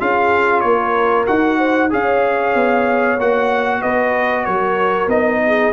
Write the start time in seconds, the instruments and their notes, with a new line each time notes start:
0.00 tuba C#4, trombone F4, horn G#4, trumpet F5
0.60 tuba A#3, horn A#4, trumpet C#5
1.26 tuba D#4, trombone F#4, trumpet F#5
1.58 horn C5
1.90 tuba C#4, trombone G#4, horn C#5, trumpet F5
2.55 tuba B3
3.19 tuba A#3, trombone F#4, trumpet F#5
3.81 tuba B3, horn B4, trumpet D#5
4.45 tuba F#3, horn A#4, trumpet C#5
5.07 tuba B3, trombone D#4, trumpet D#5
5.46 horn G#4